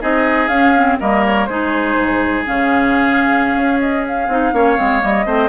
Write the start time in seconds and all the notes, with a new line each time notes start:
0.00 C4 D#4 G#4 D#5
0.48 C#4 F5
0.76 C4
1.00 G3 A#3 A#4 D#5
1.26 C#5
1.45 G#3 D#4 G#4 C5
1.95 G#2
2.46 C#3 C#4 F5
3.55 C#4
3.80 D#5
4.07 F5
4.27 C4 D#4
4.53 A#3 C#4 C#5
4.77 G#3 C4
5.00 G3 A#3 D#5
5.25 A3 C4 C5